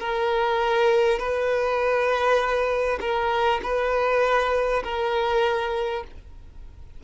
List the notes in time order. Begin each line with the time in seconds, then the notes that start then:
0.00 A#4
1.19 B4
3.01 A#4
3.63 B4
4.84 A#4